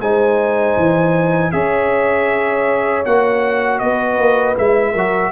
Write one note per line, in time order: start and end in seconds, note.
0.00 0.76 G#3
0.00 1.52 D#4
0.00 1.53 C5
0.00 1.52 G#5
0.77 1.53 E3
1.52 3.05 C#4
1.52 3.04 G#4
1.52 3.81 C#5
1.52 3.03 E5
3.05 3.81 A#3
3.05 4.56 F#4
3.05 3.79 F#5
3.79 4.18 B3
3.79 4.92 B4
3.79 4.55 D#5
4.18 4.56 A#3
4.56 4.95 G#3
4.56 4.94 E4
4.56 5.32 E5
4.92 5.32 F#3
4.92 5.32 F#4
4.92 5.30 A#4